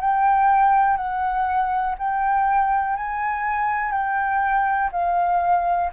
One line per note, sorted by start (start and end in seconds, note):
0.00 0.97 G5
0.97 1.95 F#5
1.98 2.96 G5
2.96 3.91 G#5
3.91 4.90 G5
4.92 5.90 F5